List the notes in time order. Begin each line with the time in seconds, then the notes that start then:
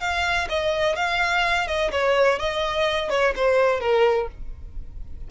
0.00 F5
0.49 D#5
0.96 F5
1.67 D#5
1.92 C#5
2.39 D#5
3.10 C#5
3.36 C5
3.80 A#4